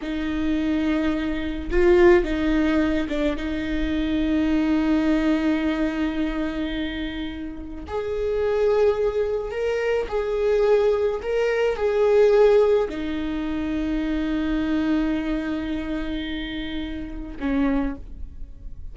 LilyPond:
\new Staff \with { instrumentName = "viola" } { \time 4/4 \tempo 4 = 107 dis'2. f'4 | dis'4. d'8 dis'2~ | dis'1~ | dis'2 gis'2~ |
gis'4 ais'4 gis'2 | ais'4 gis'2 dis'4~ | dis'1~ | dis'2. cis'4 | }